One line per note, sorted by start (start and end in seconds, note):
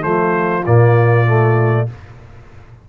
0.00 0.65 F3
0.00 0.61 A3
0.00 1.87 F4
0.00 0.64 C5
0.66 1.88 A#2
0.66 1.26 A#3
0.66 1.88 D5
1.26 1.87 A3